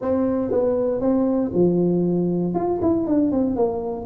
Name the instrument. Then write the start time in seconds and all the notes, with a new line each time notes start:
tuba
0.01 C4
0.51 B3
1.00 C4
1.54 F3
2.54 F4
2.81 E4
3.06 D4
3.31 C4
3.56 A#3